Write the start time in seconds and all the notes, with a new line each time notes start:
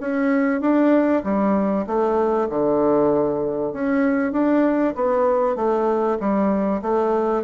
0.00 C#4
0.61 D4
1.24 G3
1.86 A3
2.49 D3
3.73 C#4
4.32 D4
4.95 B3
5.56 A3
6.19 G3
6.82 A3